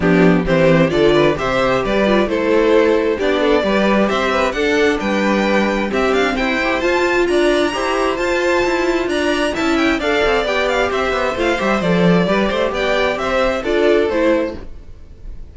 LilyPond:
<<
  \new Staff \with { instrumentName = "violin" } { \time 4/4 \tempo 4 = 132 g'4 c''4 d''4 e''4 | d''4 c''2 d''4~ | d''4 e''4 fis''4 g''4~ | g''4 e''8 f''8 g''4 a''4 |
ais''2 a''2 | ais''4 a''8 g''8 f''4 g''8 f''8 | e''4 f''8 e''8 d''2 | g''4 e''4 d''4 c''4 | }
  \new Staff \with { instrumentName = "violin" } { \time 4/4 d'4 g'4 a'8 b'8 c''4 | b'4 a'2 g'8 a'8 | b'4 c''8 b'8 a'4 b'4~ | b'4 g'4 c''2 |
d''4 c''2. | d''4 e''4 d''2 | c''2. b'8 c''8 | d''4 c''4 a'2 | }
  \new Staff \with { instrumentName = "viola" } { \time 4/4 b4 c'4 f'4 g'4~ | g'8 f'8 e'2 d'4 | g'2 d'2~ | d'4 c'4. g'8 f'4~ |
f'4 g'4 f'2~ | f'4 e'4 a'4 g'4~ | g'4 f'8 g'8 a'4 g'4~ | g'2 f'4 e'4 | }
  \new Staff \with { instrumentName = "cello" } { \time 4/4 f4 e4 d4 c4 | g4 a2 b4 | g4 c'4 d'4 g4~ | g4 c'8 d'8 e'4 f'4 |
d'4 e'4 f'4 e'4 | d'4 cis'4 d'8 c'8 b4 | c'8 b8 a8 g8 f4 g8 a8 | b4 c'4 d'4 a4 | }
>>